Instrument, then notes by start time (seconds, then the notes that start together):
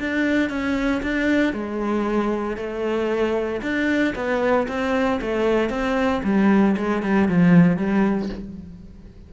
cello
0.00 D4
0.50 C#4
1.03 D4
1.54 G#3
2.57 A3
3.62 D4
4.15 B3
4.68 C4
5.22 A3
5.70 C4
6.24 G3
6.77 G#3
7.03 G3
7.29 F3
7.77 G3